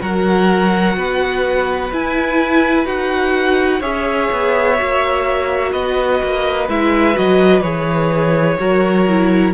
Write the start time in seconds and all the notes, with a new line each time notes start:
0.00 F#3 F#4 A#4 F#5
0.96 B3 B4
1.92 E4 G#5
2.85 D#4 F#4 F#5
3.79 C#4 G#4 C#5 E5
4.32 B3
4.77 A#3 F#4
5.72 B3 B4 D#5
6.22 A#3
6.68 G#3 E4 E5
7.14 F#3 F#4 D#5
7.61 E3 G#4 C#5
8.59 F#3 F#4 A#4
9.08 E4